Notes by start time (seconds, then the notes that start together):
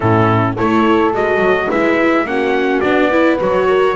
0.00 A2 C#4 E4 A4
0.55 A3 E4 A4 C#5
1.13 G#3 F#4 D#5
1.39 F#3
1.67 G#3 E4 B4 E5
2.23 A#3 C#4 F#5
2.30 F#4
2.80 B3 D4 D5
3.09 E4 B4
3.39 F#3 F#4 C#5
3.68 A#4